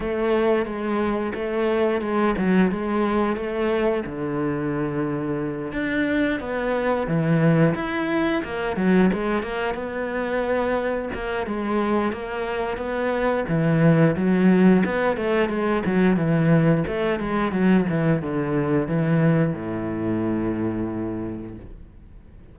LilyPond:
\new Staff \with { instrumentName = "cello" } { \time 4/4 \tempo 4 = 89 a4 gis4 a4 gis8 fis8 | gis4 a4 d2~ | d8 d'4 b4 e4 e'8~ | e'8 ais8 fis8 gis8 ais8 b4.~ |
b8 ais8 gis4 ais4 b4 | e4 fis4 b8 a8 gis8 fis8 | e4 a8 gis8 fis8 e8 d4 | e4 a,2. | }